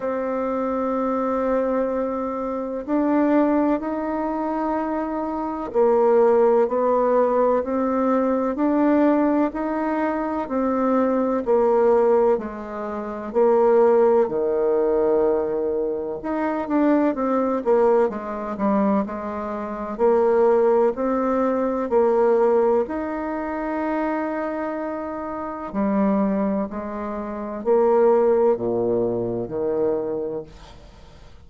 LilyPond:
\new Staff \with { instrumentName = "bassoon" } { \time 4/4 \tempo 4 = 63 c'2. d'4 | dis'2 ais4 b4 | c'4 d'4 dis'4 c'4 | ais4 gis4 ais4 dis4~ |
dis4 dis'8 d'8 c'8 ais8 gis8 g8 | gis4 ais4 c'4 ais4 | dis'2. g4 | gis4 ais4 ais,4 dis4 | }